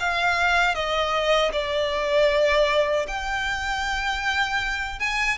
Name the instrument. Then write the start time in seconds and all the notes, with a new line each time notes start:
violin
0.00 F5
0.75 D#5
1.53 D5
3.08 G5
5.00 G#5